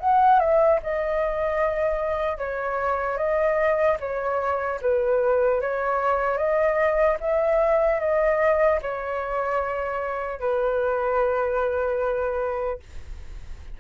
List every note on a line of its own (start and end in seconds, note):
0.00 0.40 F#5
0.40 0.80 E5
0.83 2.38 D#5
2.38 3.18 C#5
3.18 3.98 D#5
4.00 4.80 C#5
4.81 5.61 B4
5.61 6.37 C#5
6.37 7.17 D#5
7.20 8.00 E5
8.00 8.80 D#5
8.82 10.40 C#5
10.40 12.80 B4